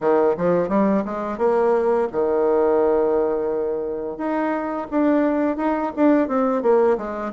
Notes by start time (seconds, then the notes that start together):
0.00 D#3
0.37 F3
0.68 G3
1.05 G#3
1.38 A#3
2.12 D#3
4.17 D#4
4.91 D4
5.57 D#4
5.96 D4
6.28 C4
6.62 A#3
6.97 G#3